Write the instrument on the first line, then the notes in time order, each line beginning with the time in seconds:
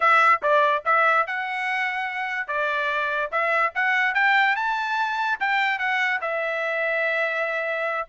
trumpet
0.00 E5
0.42 D5
0.85 E5
1.26 F#5
2.47 D5
3.31 E5
3.74 F#5
4.14 G5
4.56 A5
5.40 G5
5.78 F#5
6.21 E5